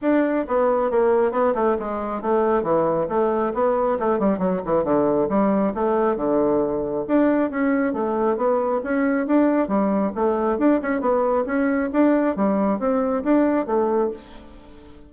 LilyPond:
\new Staff \with { instrumentName = "bassoon" } { \time 4/4 \tempo 4 = 136 d'4 b4 ais4 b8 a8 | gis4 a4 e4 a4 | b4 a8 g8 fis8 e8 d4 | g4 a4 d2 |
d'4 cis'4 a4 b4 | cis'4 d'4 g4 a4 | d'8 cis'8 b4 cis'4 d'4 | g4 c'4 d'4 a4 | }